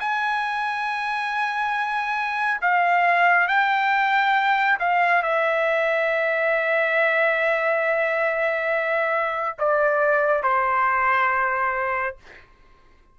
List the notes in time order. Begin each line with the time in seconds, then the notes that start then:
0.00 G#5
2.62 F5
3.48 G5
4.79 F5
5.23 E5
9.58 D5
10.43 C5